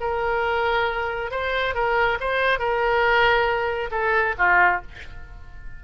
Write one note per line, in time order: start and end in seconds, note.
0.00 1.31 A#4
1.31 1.74 C5
1.74 2.18 A#4
2.20 2.59 C5
2.59 3.90 A#4
3.91 4.35 A4
4.38 4.82 F4